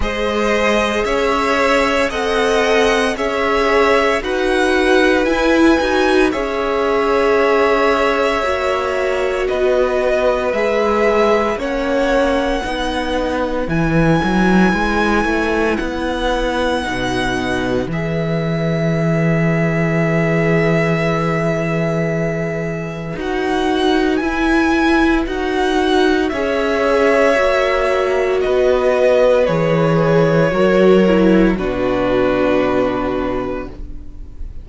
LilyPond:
<<
  \new Staff \with { instrumentName = "violin" } { \time 4/4 \tempo 4 = 57 dis''4 e''4 fis''4 e''4 | fis''4 gis''4 e''2~ | e''4 dis''4 e''4 fis''4~ | fis''4 gis''2 fis''4~ |
fis''4 e''2.~ | e''2 fis''4 gis''4 | fis''4 e''2 dis''4 | cis''2 b'2 | }
  \new Staff \with { instrumentName = "violin" } { \time 4/4 c''4 cis''4 dis''4 cis''4 | b'2 cis''2~ | cis''4 b'2 cis''4 | b'1~ |
b'1~ | b'1~ | b'4 cis''2 b'4~ | b'4 ais'4 fis'2 | }
  \new Staff \with { instrumentName = "viola" } { \time 4/4 gis'2 a'4 gis'4 | fis'4 e'8 fis'8 gis'2 | fis'2 gis'4 cis'4 | dis'4 e'2. |
dis'4 gis'2.~ | gis'2 fis'4 e'4 | fis'4 gis'4 fis'2 | gis'4 fis'8 e'8 d'2 | }
  \new Staff \with { instrumentName = "cello" } { \time 4/4 gis4 cis'4 c'4 cis'4 | dis'4 e'8 dis'8 cis'2 | ais4 b4 gis4 ais4 | b4 e8 fis8 gis8 a8 b4 |
b,4 e2.~ | e2 dis'4 e'4 | dis'4 cis'4 ais4 b4 | e4 fis4 b,2 | }
>>